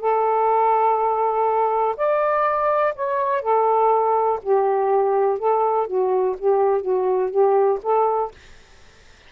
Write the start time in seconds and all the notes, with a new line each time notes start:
0.00 A4
1.96 D5
2.95 C#5
3.41 A4
4.42 G4
5.38 A4
5.86 F#4
6.38 G4
6.81 F#4
7.30 G4
7.82 A4